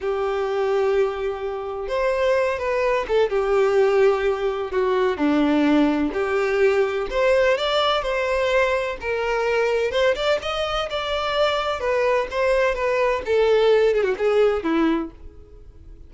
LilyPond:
\new Staff \with { instrumentName = "violin" } { \time 4/4 \tempo 4 = 127 g'1 | c''4. b'4 a'8 g'4~ | g'2 fis'4 d'4~ | d'4 g'2 c''4 |
d''4 c''2 ais'4~ | ais'4 c''8 d''8 dis''4 d''4~ | d''4 b'4 c''4 b'4 | a'4. gis'16 fis'16 gis'4 e'4 | }